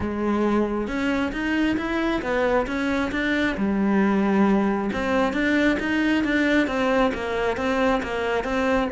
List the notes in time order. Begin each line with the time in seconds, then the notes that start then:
0.00 G#3
0.87 C#4
1.32 D#4
1.77 E4
2.22 B3
2.66 C#4
3.11 D4
3.57 G3
4.92 C4
5.33 D4
5.79 D#4
6.24 D4
6.67 C4
7.13 A#3
7.57 C4
8.02 A#3
8.43 C4